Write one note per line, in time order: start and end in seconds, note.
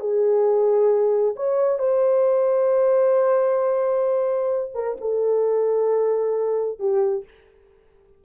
0.00 1.35 G#4
1.36 1.79 C#5
1.79 4.72 C5
4.74 4.97 A#4
5.01 6.79 A4
6.79 7.24 G4